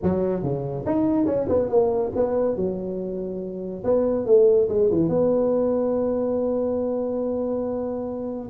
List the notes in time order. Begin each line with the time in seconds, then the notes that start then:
0.02 F#3
0.42 C#3
0.85 D#4
1.26 C#4
1.48 B3
1.69 A#3
2.15 B3
2.56 F#3
3.84 B3
4.26 A3
4.68 G#3
4.90 E3
5.09 B3